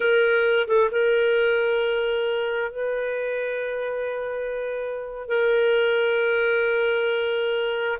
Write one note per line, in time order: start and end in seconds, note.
0.00 0.67 A#4
0.67 0.90 A4
0.91 2.71 A#4
2.71 5.28 B4
5.28 7.98 A#4